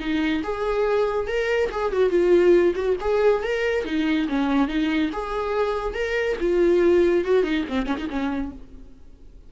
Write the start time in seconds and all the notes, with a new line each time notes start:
0.00 D#4
0.43 G#4
1.28 A#4
1.72 G#4
1.92 F#4
2.10 F4
2.75 F#4
3.01 G#4
3.43 A#4
3.85 D#4
4.29 C#4
4.68 D#4
5.13 G#4
5.95 A#4
6.40 F4
7.25 F#4
7.44 D#4
7.69 C4
7.86 C#4
7.97 D#4
8.10 C#4